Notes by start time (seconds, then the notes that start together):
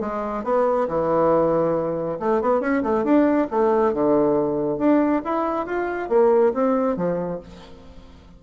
0.00 G#3
0.44 B3
0.88 E3
2.19 A3
2.41 B3
2.60 C#4
2.83 A3
3.04 D4
3.51 A3
3.93 D3
4.78 D4
5.24 E4
5.66 F4
6.09 A#3
6.54 C4
6.96 F3